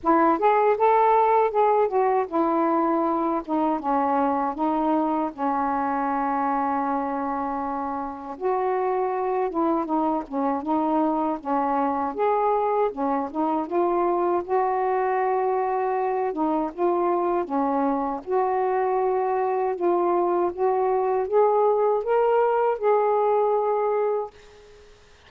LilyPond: \new Staff \with { instrumentName = "saxophone" } { \time 4/4 \tempo 4 = 79 e'8 gis'8 a'4 gis'8 fis'8 e'4~ | e'8 dis'8 cis'4 dis'4 cis'4~ | cis'2. fis'4~ | fis'8 e'8 dis'8 cis'8 dis'4 cis'4 |
gis'4 cis'8 dis'8 f'4 fis'4~ | fis'4. dis'8 f'4 cis'4 | fis'2 f'4 fis'4 | gis'4 ais'4 gis'2 | }